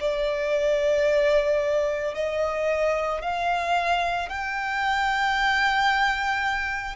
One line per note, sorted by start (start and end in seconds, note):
0.00 2.14 D5
2.14 3.21 D#5
3.22 4.29 F5
4.29 6.95 G5